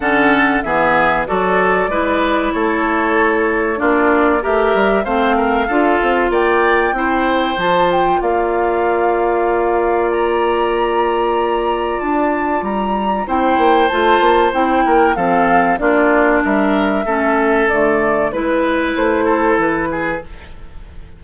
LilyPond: <<
  \new Staff \with { instrumentName = "flute" } { \time 4/4 \tempo 4 = 95 fis''4 e''4 d''2 | cis''2 d''4 e''4 | f''2 g''2 | a''8 g''8 f''2. |
ais''2. a''4 | ais''4 g''4 a''4 g''4 | f''4 d''4 e''2 | d''4 b'4 c''4 b'4 | }
  \new Staff \with { instrumentName = "oboe" } { \time 4/4 a'4 gis'4 a'4 b'4 | a'2 f'4 ais'4 | c''8 ais'8 a'4 d''4 c''4~ | c''4 d''2.~ |
d''1~ | d''4 c''2~ c''8 ais'8 | a'4 f'4 ais'4 a'4~ | a'4 b'4. a'4 gis'8 | }
  \new Staff \with { instrumentName = "clarinet" } { \time 4/4 cis'4 b4 fis'4 e'4~ | e'2 d'4 g'4 | c'4 f'2 e'4 | f'1~ |
f'1~ | f'4 e'4 f'4 e'4 | c'4 d'2 cis'4 | a4 e'2. | }
  \new Staff \with { instrumentName = "bassoon" } { \time 4/4 d4 e4 fis4 gis4 | a2 ais4 a8 g8 | a4 d'8 c'8 ais4 c'4 | f4 ais2.~ |
ais2. d'4 | g4 c'8 ais8 a8 ais8 c'8 ais8 | f4 ais4 g4 a4 | d4 gis4 a4 e4 | }
>>